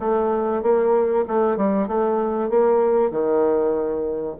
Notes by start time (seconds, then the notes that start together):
0.00 A3
0.62 A#3
1.28 A3
1.57 G3
1.88 A3
2.50 A#3
3.11 D#3